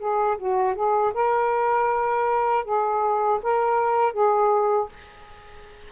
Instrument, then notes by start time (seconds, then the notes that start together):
saxophone
0.00 G#4
0.38 F#4
0.75 G#4
1.15 A#4
2.65 G#4
3.43 A#4
4.14 G#4